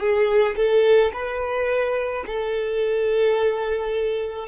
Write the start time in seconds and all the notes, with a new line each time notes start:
0.00 G#4
0.56 A4
1.13 B4
2.26 A4